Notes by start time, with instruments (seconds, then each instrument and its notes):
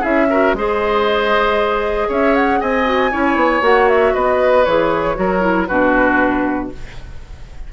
0.00 bassoon C#4, clarinet E4, oboe G#4, flute E5
0.30 clarinet F#4, oboe A#4
0.53 bassoon G#3, clarinet G#4, oboe C5, flute D#5
2.08 bassoon C#4, oboe C#5, flute E5
2.35 flute F#5
2.60 bassoon C4, oboe D#5, flute G#5
2.85 clarinet F#4
3.11 bassoon C#4, clarinet E4, oboe C#5
3.35 bassoon B3
3.61 bassoon A#3, clarinet F#4, flute F#5
3.89 flute E5
4.14 bassoon B3, oboe B4, flute D#5
4.65 bassoon E3, clarinet G#4, flute C#5
5.15 bassoon F#3, clarinet F#4, oboe A#4
5.41 clarinet E4
5.67 bassoon B2, clarinet D4, oboe F#4, flute B4